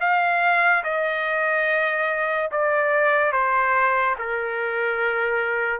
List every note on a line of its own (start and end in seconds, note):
0.00 0.83 F5
0.83 2.50 D#5
2.51 3.32 D5
3.32 4.15 C5
4.18 5.80 A#4